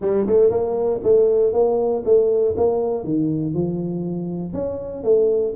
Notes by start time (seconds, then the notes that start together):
0.01 G3
0.26 A3
0.50 A#3
1.03 A3
1.52 A#3
2.04 A3
2.56 A#3
3.04 D#3
3.54 F3
4.53 C#4
5.03 A3